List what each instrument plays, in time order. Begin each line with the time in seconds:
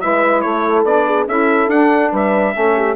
0.00 bassoon G#3, saxophone E4, horn B4, trumpet E5
0.41 bassoon A3, horn A4, trumpet C#5
0.83 bassoon B3, saxophone D4, trumpet D5
1.07 horn G#4
1.27 bassoon C#4, saxophone E4, horn A4, trumpet E5
1.67 bassoon D4, saxophone D4, trumpet F#5
2.11 bassoon G3, horn B4, trumpet E5
2.53 bassoon A3, saxophone C#4, horn A4
2.75 horn G4